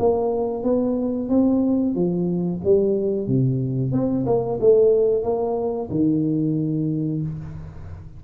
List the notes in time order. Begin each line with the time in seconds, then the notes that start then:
0.00 A#3
0.64 B3
1.29 C4
1.95 F3
2.65 G3
3.28 C3
3.93 C4
4.26 A#3
4.61 A3
5.24 A#3
5.91 D#3